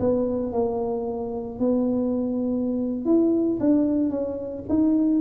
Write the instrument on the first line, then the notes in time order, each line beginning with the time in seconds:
tuba
0.00 B3
0.53 A#3
1.59 B3
3.05 E4
3.60 D4
4.10 C#4
4.69 D#4